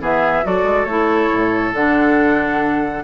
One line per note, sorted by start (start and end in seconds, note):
0.00 0.43 E3
0.00 0.43 B3
0.00 0.44 G#4
0.00 0.46 E5
0.43 0.63 F#3
0.43 0.86 F#4
0.43 3.03 A4
0.43 0.84 D5
0.63 0.84 G#3
0.84 1.28 A3
0.84 1.74 E4
0.84 1.71 C#5
1.33 1.73 A2
1.73 3.03 D3
1.73 3.03 D4
1.73 3.03 F#5